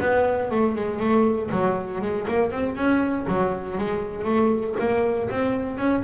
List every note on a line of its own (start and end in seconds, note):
0.00 0.50 B3
0.50 0.75 A3
0.75 0.99 G#3
0.99 1.50 A3
1.51 2.01 F#3
2.01 2.26 G#3
2.27 2.51 A#3
2.51 2.76 C4
2.76 3.26 C#4
3.27 3.77 F#3
3.77 4.24 G#3
4.24 4.75 A3
4.79 5.29 A#3
5.30 5.77 C4
5.77 6.03 C#4